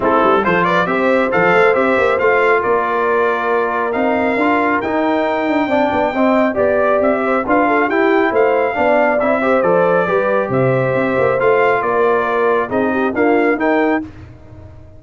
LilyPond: <<
  \new Staff \with { instrumentName = "trumpet" } { \time 4/4 \tempo 4 = 137 a'4 c''8 d''8 e''4 f''4 | e''4 f''4 d''2~ | d''4 f''2 g''4~ | g''2. d''4 |
e''4 f''4 g''4 f''4~ | f''4 e''4 d''2 | e''2 f''4 d''4~ | d''4 dis''4 f''4 g''4 | }
  \new Staff \with { instrumentName = "horn" } { \time 4/4 e'4 a'8 b'8 c''2~ | c''2 ais'2~ | ais'1~ | ais'4 d''4 dis''4 d''4~ |
d''8 c''8 b'8 a'8 g'4 c''4 | d''4. c''4. b'4 | c''2. ais'4~ | ais'4 gis'8 g'8 f'4 ais'4 | }
  \new Staff \with { instrumentName = "trombone" } { \time 4/4 c'4 f'4 g'4 a'4 | g'4 f'2.~ | f'4 dis'4 f'4 dis'4~ | dis'4 d'4 c'4 g'4~ |
g'4 f'4 e'2 | d'4 e'8 g'8 a'4 g'4~ | g'2 f'2~ | f'4 dis'4 ais4 dis'4 | }
  \new Staff \with { instrumentName = "tuba" } { \time 4/4 a8 g8 f4 c'4 f8 a8 | c'8 ais8 a4 ais2~ | ais4 c'4 d'4 dis'4~ | dis'8 d'8 c'8 b8 c'4 b4 |
c'4 d'4 e'4 a4 | b4 c'4 f4 g4 | c4 c'8 ais8 a4 ais4~ | ais4 c'4 d'4 dis'4 | }
>>